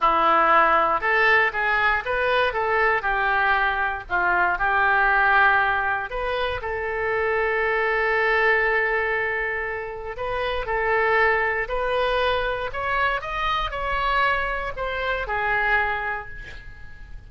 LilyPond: \new Staff \with { instrumentName = "oboe" } { \time 4/4 \tempo 4 = 118 e'2 a'4 gis'4 | b'4 a'4 g'2 | f'4 g'2. | b'4 a'2.~ |
a'1 | b'4 a'2 b'4~ | b'4 cis''4 dis''4 cis''4~ | cis''4 c''4 gis'2 | }